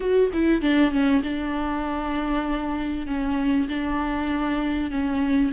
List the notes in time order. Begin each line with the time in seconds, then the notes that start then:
0.00 F#4
0.33 E4
0.61 D4
0.91 C#4
1.23 D4
3.06 C#4
3.68 D4
4.90 C#4